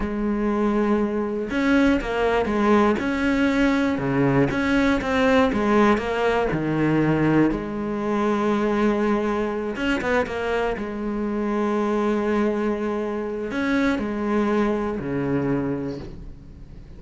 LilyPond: \new Staff \with { instrumentName = "cello" } { \time 4/4 \tempo 4 = 120 gis2. cis'4 | ais4 gis4 cis'2 | cis4 cis'4 c'4 gis4 | ais4 dis2 gis4~ |
gis2.~ gis8 cis'8 | b8 ais4 gis2~ gis8~ | gis2. cis'4 | gis2 cis2 | }